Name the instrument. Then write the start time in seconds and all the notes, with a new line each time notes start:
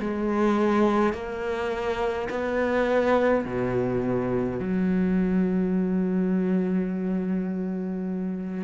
cello
0.00 G#3
1.13 A#3
2.29 B3
3.45 B2
4.60 F#3